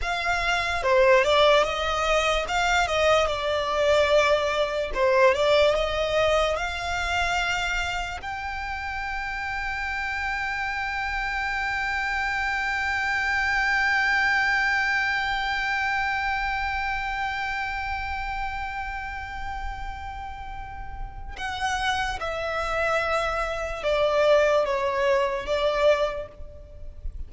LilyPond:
\new Staff \with { instrumentName = "violin" } { \time 4/4 \tempo 4 = 73 f''4 c''8 d''8 dis''4 f''8 dis''8 | d''2 c''8 d''8 dis''4 | f''2 g''2~ | g''1~ |
g''1~ | g''1~ | g''2 fis''4 e''4~ | e''4 d''4 cis''4 d''4 | }